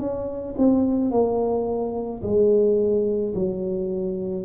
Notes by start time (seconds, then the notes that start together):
0.00 C#4
0.58 C4
1.12 A#3
2.23 G#3
3.35 F#3